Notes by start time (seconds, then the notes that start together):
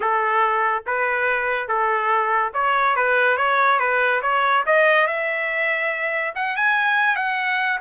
0.00 A4
0.86 B4
1.67 A4
2.53 C#5
2.95 B4
3.37 C#5
3.79 B4
4.22 C#5
4.66 D#5
5.07 E5
6.35 F#5
6.56 G#5
7.15 F#5